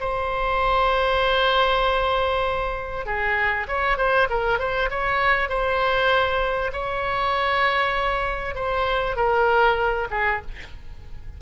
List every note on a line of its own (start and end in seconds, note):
0.00 3.06 C5
3.06 3.67 G#4
3.68 3.97 C#5
3.97 4.28 C5
4.30 4.59 A#4
4.59 4.90 C5
4.90 5.49 C#5
5.49 6.71 C5
6.73 8.55 C#5
8.55 9.16 C5
9.16 10.08 A#4
10.11 10.41 G#4